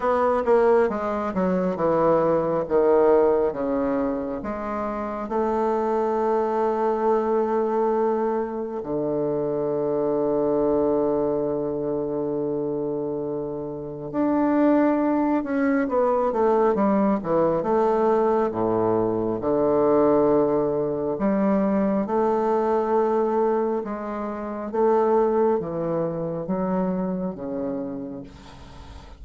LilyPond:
\new Staff \with { instrumentName = "bassoon" } { \time 4/4 \tempo 4 = 68 b8 ais8 gis8 fis8 e4 dis4 | cis4 gis4 a2~ | a2 d2~ | d1 |
d'4. cis'8 b8 a8 g8 e8 | a4 a,4 d2 | g4 a2 gis4 | a4 e4 fis4 cis4 | }